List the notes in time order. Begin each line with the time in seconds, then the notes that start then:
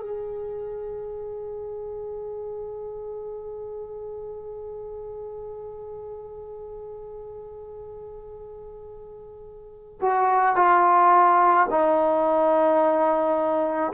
0.00 G#4
10.02 F#4
10.56 F4
11.71 D#4